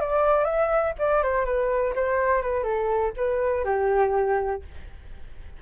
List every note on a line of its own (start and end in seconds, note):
0.00 0.44 D5
0.44 0.93 E5
0.98 1.22 D5
1.22 1.45 C5
1.45 1.94 B4
1.95 2.42 C5
2.42 2.63 B4
2.63 3.12 A4
3.16 3.65 B4
3.65 4.62 G4